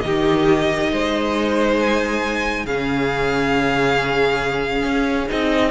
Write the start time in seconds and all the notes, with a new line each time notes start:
0.00 D#3 D#4 G4 D#5
0.91 G#3 C5
1.79 G#5
2.64 C#3 C#4 G#4 F5
4.83 C#4
5.29 C4 D#4 D#5